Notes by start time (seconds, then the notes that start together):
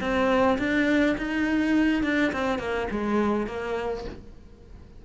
0.00 C4
0.58 D4
1.17 D#4
2.03 D4
2.32 C4
2.59 A#3
2.91 G#3
3.47 A#3